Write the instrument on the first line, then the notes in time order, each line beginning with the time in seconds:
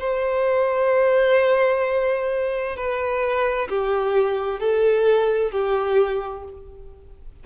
violin
0.00 C5
2.76 B4
3.69 G4
4.60 A4
5.52 G4